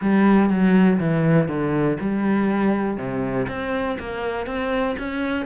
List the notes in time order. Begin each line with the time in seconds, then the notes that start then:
0.01 G3
0.49 F#3
0.99 E3
1.48 D3
2.00 G3
2.97 C3
3.47 C4
3.99 A#3
4.46 C4
4.98 C#4